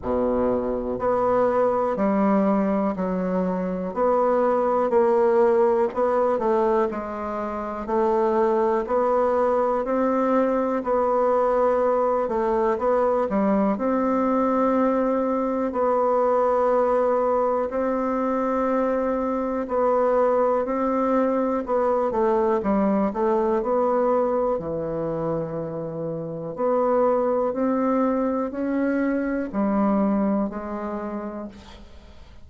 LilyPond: \new Staff \with { instrumentName = "bassoon" } { \time 4/4 \tempo 4 = 61 b,4 b4 g4 fis4 | b4 ais4 b8 a8 gis4 | a4 b4 c'4 b4~ | b8 a8 b8 g8 c'2 |
b2 c'2 | b4 c'4 b8 a8 g8 a8 | b4 e2 b4 | c'4 cis'4 g4 gis4 | }